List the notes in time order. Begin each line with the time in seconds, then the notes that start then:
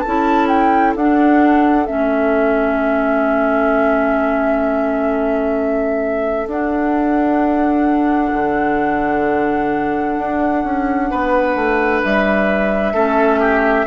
0.00 E4 A4 A5
0.06 C#4
0.47 G5
0.95 D4 F#5
1.86 A3 C#4 E5
6.47 D4 F#5
8.33 D3
10.18 D4
10.64 C#4
11.11 B3 B4
11.55 A3
12.03 G3 E5
12.93 A3 C#4 A4
13.40 G4